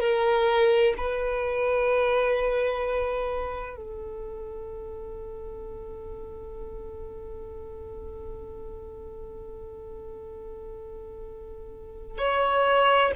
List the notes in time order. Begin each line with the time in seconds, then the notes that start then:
0.00 A#4
0.97 B4
3.76 A4
12.18 C#5